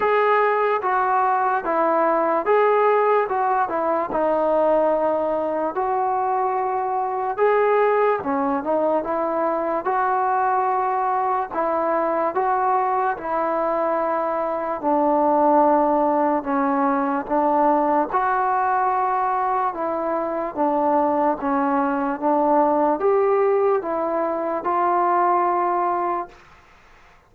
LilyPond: \new Staff \with { instrumentName = "trombone" } { \time 4/4 \tempo 4 = 73 gis'4 fis'4 e'4 gis'4 | fis'8 e'8 dis'2 fis'4~ | fis'4 gis'4 cis'8 dis'8 e'4 | fis'2 e'4 fis'4 |
e'2 d'2 | cis'4 d'4 fis'2 | e'4 d'4 cis'4 d'4 | g'4 e'4 f'2 | }